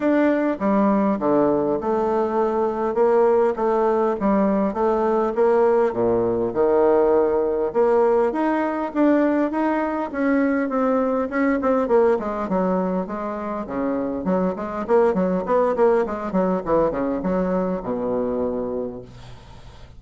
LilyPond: \new Staff \with { instrumentName = "bassoon" } { \time 4/4 \tempo 4 = 101 d'4 g4 d4 a4~ | a4 ais4 a4 g4 | a4 ais4 ais,4 dis4~ | dis4 ais4 dis'4 d'4 |
dis'4 cis'4 c'4 cis'8 c'8 | ais8 gis8 fis4 gis4 cis4 | fis8 gis8 ais8 fis8 b8 ais8 gis8 fis8 | e8 cis8 fis4 b,2 | }